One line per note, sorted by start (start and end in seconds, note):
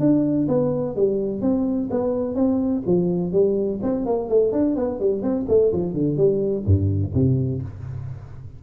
0.00 0.48 D4
0.48 0.96 B3
0.96 1.42 G3
1.42 1.89 C4
1.91 2.35 B3
2.35 2.83 C4
2.86 3.32 F3
3.32 3.80 G3
3.83 4.06 C4
4.06 4.29 A#3
4.29 4.53 A3
4.53 4.76 D4
4.76 5.00 B3
5.00 5.22 G3
5.22 5.46 C4
5.48 5.72 A3
5.73 5.94 F3
5.94 6.17 D3
6.17 6.65 G3
6.66 7.14 G2
7.15 7.62 C3